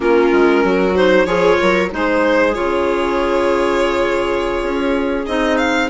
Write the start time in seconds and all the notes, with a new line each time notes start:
0.00 A#3 C#4 F4 A#4
0.32 G#3
0.63 F#3 F#4
0.95 D#4 C5
1.25 F3 F4 G#4 C#5
1.61 F#3 A#4
1.90 G#3 D#4 C5
1.96 G#4
2.53 C#3 F4 C#5
4.62 C#4
5.26 C4 D#4 D#5
5.57 F5